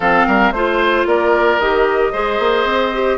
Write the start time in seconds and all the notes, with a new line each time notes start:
0.00 F3 C4 A4 F5
0.26 G3 A#4
0.52 A3 F4 C5
1.05 A#3 A#4 D5
1.59 D#3 G4 D#5
2.12 G#3 G#4 C5
2.38 A#3
2.64 C4
2.93 G4